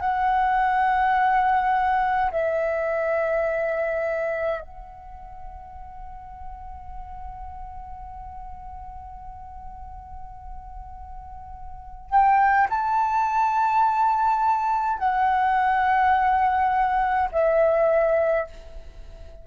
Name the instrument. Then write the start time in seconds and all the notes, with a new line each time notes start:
flute
0.00 F#5
2.31 E5
4.61 F#5
12.10 G5
12.70 A5
14.98 F#5
17.32 E5